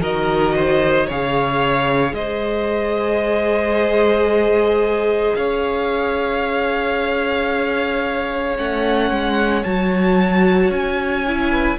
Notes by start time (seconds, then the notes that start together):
0.00 D#3 F#4 A#4 D#5
0.56 C5
1.06 C#3 G#4 C#5 F5
2.12 G#3 C5 D#5
5.35 C#4 C#5 F5
8.57 A3 C#4 F#5
9.10 G#3
9.63 F#3 F#4 A5
10.70 C#4 G#5
11.27 E4
11.51 B4